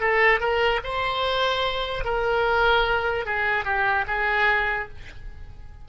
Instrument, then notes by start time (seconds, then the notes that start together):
oboe
0.00 A4
0.40 A#4
0.83 C5
2.05 A#4
3.25 G#4
3.64 G4
4.07 G#4